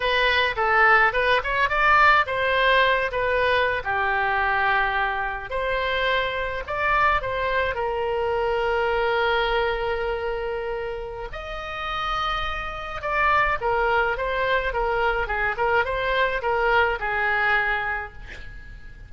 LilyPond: \new Staff \with { instrumentName = "oboe" } { \time 4/4 \tempo 4 = 106 b'4 a'4 b'8 cis''8 d''4 | c''4. b'4~ b'16 g'4~ g'16~ | g'4.~ g'16 c''2 d''16~ | d''8. c''4 ais'2~ ais'16~ |
ais'1 | dis''2. d''4 | ais'4 c''4 ais'4 gis'8 ais'8 | c''4 ais'4 gis'2 | }